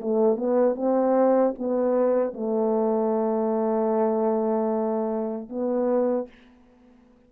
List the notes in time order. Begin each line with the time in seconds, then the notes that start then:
0.00 A3
0.36 B3
0.75 C4
1.58 B3
2.33 A3
5.49 B3